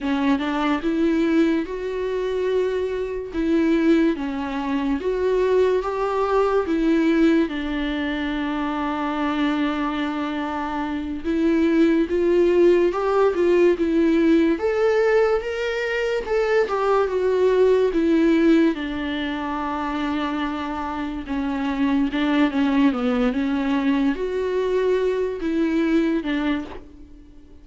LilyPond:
\new Staff \with { instrumentName = "viola" } { \time 4/4 \tempo 4 = 72 cis'8 d'8 e'4 fis'2 | e'4 cis'4 fis'4 g'4 | e'4 d'2.~ | d'4. e'4 f'4 g'8 |
f'8 e'4 a'4 ais'4 a'8 | g'8 fis'4 e'4 d'4.~ | d'4. cis'4 d'8 cis'8 b8 | cis'4 fis'4. e'4 d'8 | }